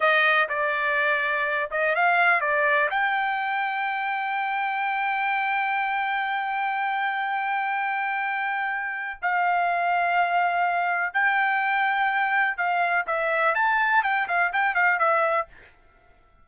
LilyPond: \new Staff \with { instrumentName = "trumpet" } { \time 4/4 \tempo 4 = 124 dis''4 d''2~ d''8 dis''8 | f''4 d''4 g''2~ | g''1~ | g''1~ |
g''2. f''4~ | f''2. g''4~ | g''2 f''4 e''4 | a''4 g''8 f''8 g''8 f''8 e''4 | }